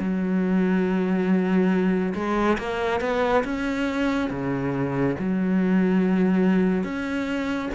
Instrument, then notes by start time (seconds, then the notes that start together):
cello
0.00 F#3
2.15 G#3
2.59 A#3
3.01 B3
3.45 C#4
4.31 C#3
5.19 F#3
6.84 C#4